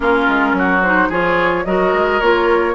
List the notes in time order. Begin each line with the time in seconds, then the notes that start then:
0.00 A#3 C#4 F4 A#4
0.28 G#3
0.52 F#3 F#4
0.83 D#4 C5
1.08 F3 F4 G#4 C#5
1.65 F#3 F#4 A#4 D#5
1.93 G#3
2.20 A#3 F4 C#5